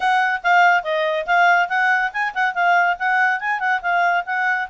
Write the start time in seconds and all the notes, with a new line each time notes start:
0.00 F#5
0.43 F5
0.83 D#5
1.26 F5
1.68 F#5
2.12 G#5
2.34 F#5
2.54 F5
2.99 F#5
3.39 G#5
3.59 F#5
3.81 F5
4.25 F#5